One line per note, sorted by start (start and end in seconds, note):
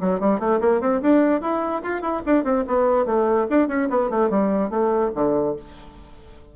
0.00 0.20 F#3
0.20 0.39 G3
0.39 0.60 A3
0.60 0.80 A#3
0.80 1.01 C4
1.01 1.41 D4
1.41 1.82 E4
1.82 2.01 F4
2.01 2.22 E4
2.26 2.44 D4
2.44 2.64 C4
2.67 3.05 B3
3.05 3.47 A3
3.50 3.68 D4
3.68 3.88 C#4
3.89 4.10 B3
4.10 4.30 A3
4.30 4.70 G3
4.70 5.11 A3
5.14 5.56 D3